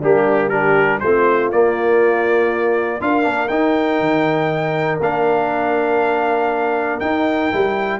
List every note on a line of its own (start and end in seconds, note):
0.00 1.02 G3
0.00 0.52 A#3
0.00 0.50 D4
0.00 0.49 G4
0.49 1.02 D4
0.49 1.00 G4
0.49 0.99 A#4
1.00 1.52 A3
1.00 1.53 C4
1.00 3.03 F4
1.00 1.50 C5
1.52 3.02 A#3
1.52 3.01 A#3
1.52 3.02 D5
3.01 3.26 D4
3.01 3.23 F4
3.01 8.00 A#4
3.01 3.49 F5
3.23 3.50 A#3
3.23 3.48 D4
3.49 4.00 D#4
3.49 5.01 D#4
3.49 4.99 G5
4.00 5.00 D#3
5.01 7.01 A#3
5.01 7.02 D4
5.01 7.00 F5
7.00 7.52 D#4
7.00 8.00 G5
7.52 8.00 G3
7.52 8.00 E4